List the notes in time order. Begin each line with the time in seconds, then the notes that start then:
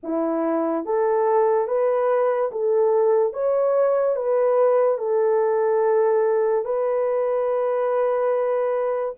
0.03 E4
0.85 A4
1.67 B4
2.51 A4
3.33 C#5
4.16 B4
4.98 A4
6.64 B4